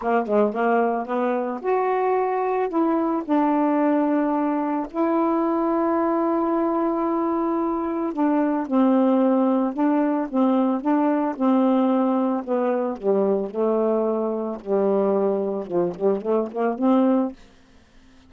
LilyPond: \new Staff \with { instrumentName = "saxophone" } { \time 4/4 \tempo 4 = 111 ais8 gis8 ais4 b4 fis'4~ | fis'4 e'4 d'2~ | d'4 e'2.~ | e'2. d'4 |
c'2 d'4 c'4 | d'4 c'2 b4 | g4 a2 g4~ | g4 f8 g8 a8 ais8 c'4 | }